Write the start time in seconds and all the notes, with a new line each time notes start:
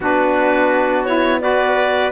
0.00 B3 D4 F#4 B4
1.04 E4 C#5
1.40 F#4 B4 D5